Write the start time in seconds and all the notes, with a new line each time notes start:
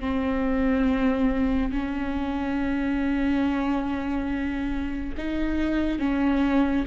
0.00 C4
1.72 C#4
5.17 D#4
5.99 C#4